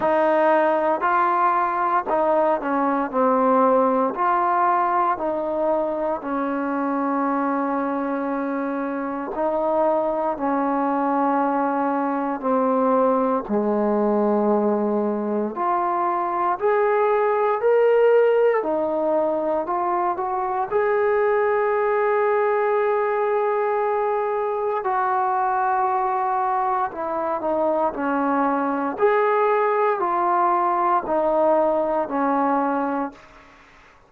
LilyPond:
\new Staff \with { instrumentName = "trombone" } { \time 4/4 \tempo 4 = 58 dis'4 f'4 dis'8 cis'8 c'4 | f'4 dis'4 cis'2~ | cis'4 dis'4 cis'2 | c'4 gis2 f'4 |
gis'4 ais'4 dis'4 f'8 fis'8 | gis'1 | fis'2 e'8 dis'8 cis'4 | gis'4 f'4 dis'4 cis'4 | }